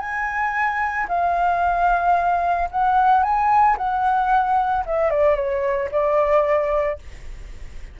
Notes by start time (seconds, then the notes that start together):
0.00 G#5
1.08 F5
2.71 F#5
3.23 G#5
3.78 F#5
4.86 E5
5.10 D5
5.35 C#5
5.92 D5